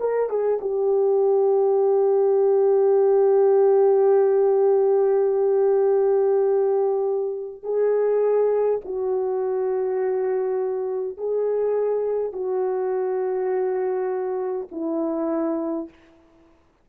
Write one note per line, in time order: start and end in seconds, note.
0.00 0.29 A#4
0.29 0.59 G#4
0.61 7.63 G4
7.63 8.81 G#4
8.85 11.18 F#4
11.18 12.33 G#4
12.33 14.68 F#4
14.72 15.89 E4